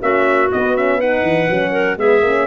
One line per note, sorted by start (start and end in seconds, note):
0.00 0.51 A#3
0.00 0.49 C#4
0.00 0.98 F#4
0.00 0.51 E5
0.52 0.76 B3
0.52 1.23 B3
0.52 0.76 D#5
0.76 1.00 C#4
0.76 1.00 E5
0.98 1.49 D#4
0.98 1.72 B4
0.98 1.99 F#5
1.23 1.47 E3
1.49 1.97 F#3
1.49 1.97 C#4
1.72 1.96 A#4
1.97 2.22 G#3
1.97 2.22 B3
1.97 2.46 G#4
1.97 2.46 E5
2.22 2.46 A#3
2.22 2.46 C#4